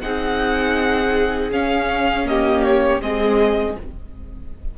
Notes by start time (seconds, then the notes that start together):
0.00 C4 D#4 G#4 F#5
1.51 C#4 F5
2.26 A#3 G4 D#5
2.64 C#5
3.01 G#3 C4 G#4 D#5